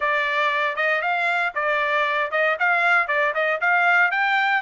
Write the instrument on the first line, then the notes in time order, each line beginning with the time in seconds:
trumpet
0.00 D5
0.76 D#5
1.01 F5
1.54 D5
2.31 D#5
2.59 F5
3.07 D5
3.34 D#5
3.60 F5
4.11 G5